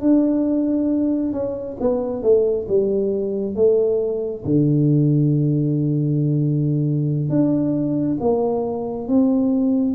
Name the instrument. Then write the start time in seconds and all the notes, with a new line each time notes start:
tuba
0.00 D4
1.32 C#4
1.80 B3
2.22 A3
2.68 G3
3.55 A3
4.44 D3
7.29 D4
8.20 A#3
9.07 C4